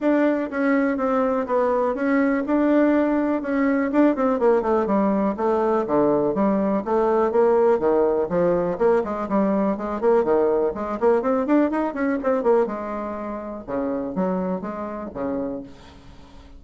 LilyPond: \new Staff \with { instrumentName = "bassoon" } { \time 4/4 \tempo 4 = 123 d'4 cis'4 c'4 b4 | cis'4 d'2 cis'4 | d'8 c'8 ais8 a8 g4 a4 | d4 g4 a4 ais4 |
dis4 f4 ais8 gis8 g4 | gis8 ais8 dis4 gis8 ais8 c'8 d'8 | dis'8 cis'8 c'8 ais8 gis2 | cis4 fis4 gis4 cis4 | }